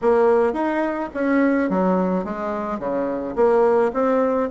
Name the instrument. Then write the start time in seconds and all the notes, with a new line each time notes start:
bassoon
0.01 A#3
0.53 D#4
1.14 C#4
1.69 F#3
2.24 G#3
2.79 C#3
3.35 A#3
3.93 C4